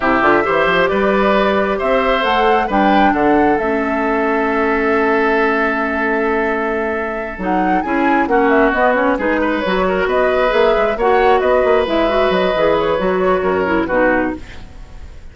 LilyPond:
<<
  \new Staff \with { instrumentName = "flute" } { \time 4/4 \tempo 4 = 134 e''2 d''2 | e''4 fis''4 g''4 fis''4 | e''1~ | e''1~ |
e''8 fis''4 gis''4 fis''8 e''8 dis''8 | cis''8 b'4 cis''4 dis''4 e''8~ | e''8 fis''4 dis''4 e''4 dis''8~ | dis''8 cis''2~ cis''8 b'4 | }
  \new Staff \with { instrumentName = "oboe" } { \time 4/4 g'4 c''4 b'2 | c''2 b'4 a'4~ | a'1~ | a'1~ |
a'4. gis'4 fis'4.~ | fis'8 gis'8 b'4 ais'8 b'4.~ | b'8 cis''4 b'2~ b'8~ | b'2 ais'4 fis'4 | }
  \new Staff \with { instrumentName = "clarinet" } { \time 4/4 e'8 f'8 g'2.~ | g'4 a'4 d'2 | cis'1~ | cis'1~ |
cis'8 dis'4 e'4 cis'4 b8 | cis'8 dis'4 fis'2 gis'8~ | gis'8 fis'2 e'8 fis'4 | gis'4 fis'4. e'8 dis'4 | }
  \new Staff \with { instrumentName = "bassoon" } { \time 4/4 c8 d8 e8 f8 g2 | c'4 a4 g4 d4 | a1~ | a1~ |
a8 fis4 cis'4 ais4 b8~ | b8 gis4 fis4 b4 ais8 | gis8 ais4 b8 ais8 gis4 fis8 | e4 fis4 fis,4 b,4 | }
>>